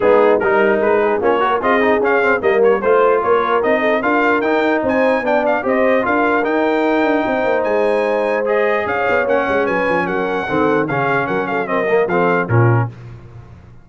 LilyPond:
<<
  \new Staff \with { instrumentName = "trumpet" } { \time 4/4 \tempo 4 = 149 gis'4 ais'4 b'4 cis''4 | dis''4 f''4 dis''8 cis''8 c''4 | cis''4 dis''4 f''4 g''4 | gis''4 g''8 f''8 dis''4 f''4 |
g''2. gis''4~ | gis''4 dis''4 f''4 fis''4 | gis''4 fis''2 f''4 | fis''8 f''8 dis''4 f''4 ais'4 | }
  \new Staff \with { instrumentName = "horn" } { \time 4/4 dis'4 ais'4. gis'8 f'8 ais'8 | gis'2 ais'4 c''4 | ais'4. a'8 ais'2 | c''4 d''4 c''4 ais'4~ |
ais'2 c''2~ | c''2 cis''2 | b'4 ais'4 a'4 gis'4 | ais'8 a'8 ais'4 a'4 f'4 | }
  \new Staff \with { instrumentName = "trombone" } { \time 4/4 b4 dis'2 cis'8 fis'8 | f'8 dis'8 cis'8 c'8 ais4 f'4~ | f'4 dis'4 f'4 dis'4~ | dis'4 d'4 g'4 f'4 |
dis'1~ | dis'4 gis'2 cis'4~ | cis'2 c'4 cis'4~ | cis'4 c'8 ais8 c'4 cis'4 | }
  \new Staff \with { instrumentName = "tuba" } { \time 4/4 gis4 g4 gis4 ais4 | c'4 cis'4 g4 a4 | ais4 c'4 d'4 dis'4 | c'4 b4 c'4 d'4 |
dis'4. d'8 c'8 ais8 gis4~ | gis2 cis'8 b8 ais8 gis8 | fis8 f8 fis4 dis4 cis4 | fis2 f4 ais,4 | }
>>